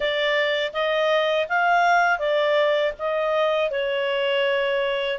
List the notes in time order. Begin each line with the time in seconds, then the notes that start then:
0.00 D5
0.73 D#5
1.48 F5
2.18 D5
2.98 D#5
3.70 C#5